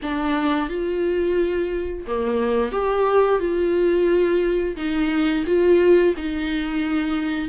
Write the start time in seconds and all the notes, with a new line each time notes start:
0.02 D4
0.69 F4
2.06 A#3
2.72 G4
3.39 F4
4.76 D#4
5.46 F4
6.16 D#4